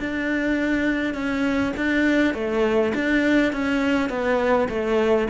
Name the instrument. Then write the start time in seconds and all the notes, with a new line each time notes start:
cello
0.00 D4
1.14 C#4
1.77 D4
2.34 A3
2.95 D4
3.53 C#4
4.10 B3
4.69 A3